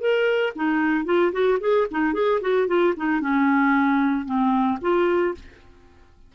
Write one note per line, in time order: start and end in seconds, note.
0.00 0.53 A#4
0.55 1.05 D#4
1.05 1.32 F4
1.32 1.59 F#4
1.60 1.87 G#4
1.91 2.13 D#4
2.13 2.40 G#4
2.41 2.67 F#4
2.67 2.94 F4
2.97 3.20 D#4
3.20 4.25 C#4
4.25 4.78 C4
4.81 5.35 F4